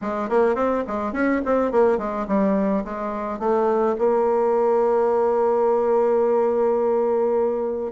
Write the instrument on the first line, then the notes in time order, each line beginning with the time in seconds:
bassoon
0.01 G#3
0.29 A#3
0.55 C4
0.87 G#3
1.12 C#4
1.45 C4
1.71 A#3
1.98 G#3
2.27 G3
2.84 G#3
3.39 A3
3.98 A#3